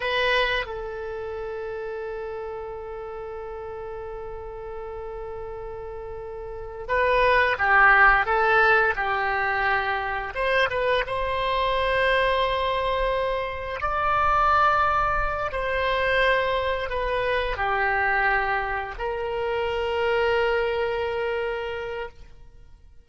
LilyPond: \new Staff \with { instrumentName = "oboe" } { \time 4/4 \tempo 4 = 87 b'4 a'2.~ | a'1~ | a'2 b'4 g'4 | a'4 g'2 c''8 b'8 |
c''1 | d''2~ d''8 c''4.~ | c''8 b'4 g'2 ais'8~ | ais'1 | }